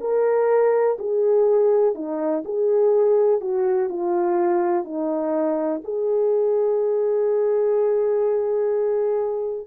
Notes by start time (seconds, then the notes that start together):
0.00 A#4
0.98 G#4
1.94 D#4
2.45 G#4
3.40 F#4
3.89 F4
4.84 D#4
5.84 G#4